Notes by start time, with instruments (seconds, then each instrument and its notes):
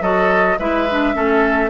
0.00 bassoon F#3, clarinet F#4, oboe A4, flute D#5
0.58 bassoon G#3, clarinet E4, oboe B4, flute E5
0.90 clarinet D4
1.13 bassoon A3, clarinet C#4, oboe A4